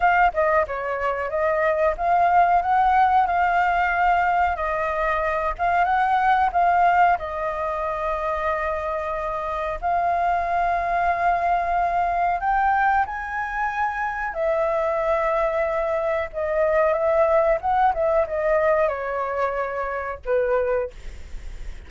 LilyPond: \new Staff \with { instrumentName = "flute" } { \time 4/4 \tempo 4 = 92 f''8 dis''8 cis''4 dis''4 f''4 | fis''4 f''2 dis''4~ | dis''8 f''8 fis''4 f''4 dis''4~ | dis''2. f''4~ |
f''2. g''4 | gis''2 e''2~ | e''4 dis''4 e''4 fis''8 e''8 | dis''4 cis''2 b'4 | }